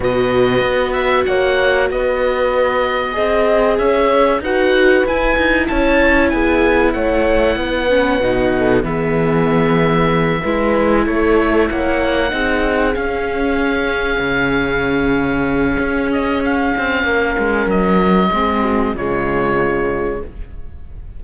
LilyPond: <<
  \new Staff \with { instrumentName = "oboe" } { \time 4/4 \tempo 4 = 95 dis''4. e''8 fis''4 dis''4~ | dis''2 e''4 fis''4 | gis''4 a''4 gis''4 fis''4~ | fis''2 e''2~ |
e''4. cis''4 fis''4.~ | fis''8 f''2.~ f''8~ | f''4. dis''8 f''2 | dis''2 cis''2 | }
  \new Staff \with { instrumentName = "horn" } { \time 4/4 b'2 cis''4 b'4~ | b'4 dis''4 cis''4 b'4~ | b'4 cis''4 gis'4 cis''4 | b'4. a'8 gis'2~ |
gis'8 b'4 a'4 cis''4 gis'8~ | gis'1~ | gis'2. ais'4~ | ais'4 gis'8 fis'8 f'2 | }
  \new Staff \with { instrumentName = "viola" } { \time 4/4 fis'1~ | fis'4 gis'2 fis'4 | e'1~ | e'8 cis'8 dis'4 b2~ |
b8 e'2. dis'8~ | dis'8 cis'2.~ cis'8~ | cis'1~ | cis'4 c'4 gis2 | }
  \new Staff \with { instrumentName = "cello" } { \time 4/4 b,4 b4 ais4 b4~ | b4 c'4 cis'4 dis'4 | e'8 dis'8 cis'4 b4 a4 | b4 b,4 e2~ |
e8 gis4 a4 ais4 c'8~ | c'8 cis'2 cis4.~ | cis4 cis'4. c'8 ais8 gis8 | fis4 gis4 cis2 | }
>>